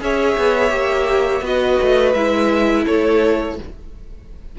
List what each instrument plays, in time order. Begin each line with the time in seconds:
0.00 cello C#4, viola G#4, violin C#5 E5
0.38 cello B3
0.70 cello A#3, viola G4
1.42 cello B3, viola F#4, violin B4 D#5
1.83 cello A3
2.14 cello G#3, viola E4, violin E5
2.85 cello A3, violin A4 C#5